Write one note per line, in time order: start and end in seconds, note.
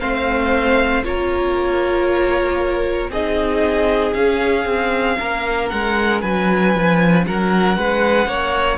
0.00 1.03 A3
0.00 1.03 C4
0.00 1.05 C5
0.00 1.03 F5
1.03 3.09 A#3
1.03 3.11 F4
1.03 3.10 A#4
1.03 3.11 C#5
3.09 4.13 C4
3.09 4.17 D#4
3.09 5.17 G#4
3.09 4.13 D#5
4.13 4.65 C#4
4.13 8.78 C#4
4.13 5.69 F5
4.65 5.17 C4
5.19 5.71 A#3
5.19 6.21 A#4
5.69 6.23 G#3
5.69 6.21 F#5
6.21 6.75 F#3
6.21 7.25 B4
6.21 7.25 G#5
6.75 7.27 F3
7.27 7.77 F#3
7.27 7.78 A#4
7.27 8.78 F#5
7.77 8.26 G#3
7.77 8.28 B4
8.26 8.78 A#3
8.26 8.78 C#5